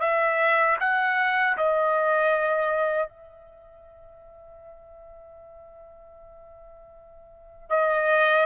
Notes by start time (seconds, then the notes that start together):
0.00 E5
0.80 F#5
1.57 D#5
3.09 E5
7.70 D#5